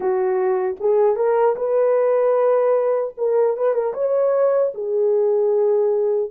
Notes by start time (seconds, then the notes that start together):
0.00 F#4
0.79 G#4
1.16 A#4
1.56 B4
3.17 A#4
3.56 B4
3.73 A#4
3.93 C#5
4.74 G#4